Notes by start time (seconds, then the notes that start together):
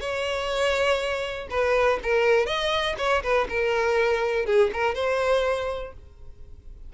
0.00 C#5
1.50 B4
2.03 A#4
2.46 D#5
2.98 C#5
3.23 B4
3.49 A#4
4.46 G#4
4.73 A#4
4.95 C5